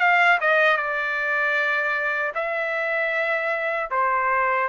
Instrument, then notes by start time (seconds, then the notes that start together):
trumpet
0.00 F5
0.41 D#5
0.77 D5
2.35 E5
3.91 C5